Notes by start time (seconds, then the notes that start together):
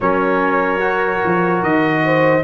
0.00 F#3 C#4 A#4 C#5
0.80 F#4
1.24 F3
1.62 D#3 D#5
2.05 C5